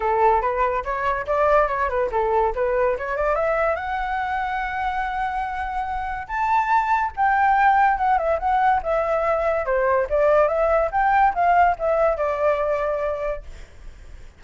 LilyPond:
\new Staff \with { instrumentName = "flute" } { \time 4/4 \tempo 4 = 143 a'4 b'4 cis''4 d''4 | cis''8 b'8 a'4 b'4 cis''8 d''8 | e''4 fis''2.~ | fis''2. a''4~ |
a''4 g''2 fis''8 e''8 | fis''4 e''2 c''4 | d''4 e''4 g''4 f''4 | e''4 d''2. | }